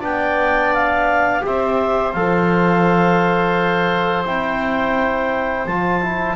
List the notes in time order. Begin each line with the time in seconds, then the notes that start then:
0.00 B3 D4 D5 G5
0.74 F5
1.41 C4 G4 C5 E5
2.13 F3 A4 F5
4.26 C4 E4 G5
5.66 F3 F4 A5
6.02 E4